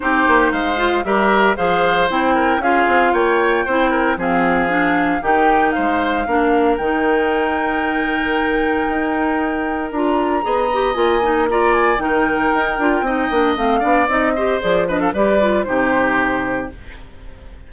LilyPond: <<
  \new Staff \with { instrumentName = "flute" } { \time 4/4 \tempo 4 = 115 c''4 f''4 e''4 f''4 | g''4 f''4 g''2 | f''2 g''4 f''4~ | f''4 g''2.~ |
g''2. ais''4~ | ais''4 gis''4 ais''8 gis''8 g''4~ | g''2 f''4 dis''4 | d''8 dis''16 f''16 d''4 c''2 | }
  \new Staff \with { instrumentName = "oboe" } { \time 4/4 g'4 c''4 ais'4 c''4~ | c''8 ais'8 gis'4 cis''4 c''8 ais'8 | gis'2 g'4 c''4 | ais'1~ |
ais'1 | dis''2 d''4 ais'4~ | ais'4 dis''4. d''4 c''8~ | c''8 b'16 a'16 b'4 g'2 | }
  \new Staff \with { instrumentName = "clarinet" } { \time 4/4 dis'4. f'8 g'4 gis'4 | e'4 f'2 e'4 | c'4 d'4 dis'2 | d'4 dis'2.~ |
dis'2. f'4 | gis'8 g'8 f'8 dis'8 f'4 dis'4~ | dis'8 f'8 dis'8 d'8 c'8 d'8 dis'8 g'8 | gis'8 d'8 g'8 f'8 dis'2 | }
  \new Staff \with { instrumentName = "bassoon" } { \time 4/4 c'8 ais8 gis4 g4 f4 | c'4 cis'8 c'8 ais4 c'4 | f2 dis4 gis4 | ais4 dis2.~ |
dis4 dis'2 d'4 | b4 ais2 dis4 | dis'8 d'8 c'8 ais8 a8 b8 c'4 | f4 g4 c2 | }
>>